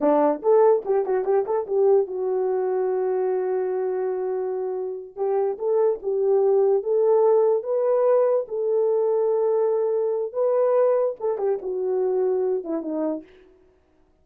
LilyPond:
\new Staff \with { instrumentName = "horn" } { \time 4/4 \tempo 4 = 145 d'4 a'4 g'8 fis'8 g'8 a'8 | g'4 fis'2.~ | fis'1~ | fis'8 g'4 a'4 g'4.~ |
g'8 a'2 b'4.~ | b'8 a'2.~ a'8~ | a'4 b'2 a'8 g'8 | fis'2~ fis'8 e'8 dis'4 | }